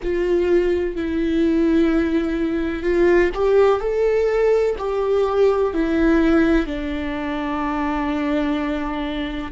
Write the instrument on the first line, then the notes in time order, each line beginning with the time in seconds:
viola
0.03 F4
0.95 E4
2.83 F4
3.34 G4
3.80 A4
4.78 G4
5.73 E4
6.66 D4